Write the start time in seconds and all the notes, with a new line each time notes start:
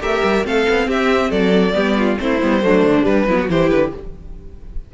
0.00 A3 G4 A#4 E5
0.23 G3
0.44 A3 C4 A4 F5
0.69 B3
0.87 C4 G4 E5
1.30 F#3 A4 D5
1.73 G3 B3 G4
1.97 F4
2.18 A3 C4 E4 C5
2.41 G3 B3
2.62 F#3 A3 D4
2.83 D3
3.02 G3 B4
3.27 F#3 B3 E4
3.39 F#4
3.49 E3 E4 G4 C5
3.70 D3 B4